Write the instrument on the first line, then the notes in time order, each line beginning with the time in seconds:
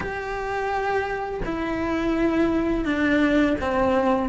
cello
0.00 G4
1.45 E4
2.84 D4
3.61 C4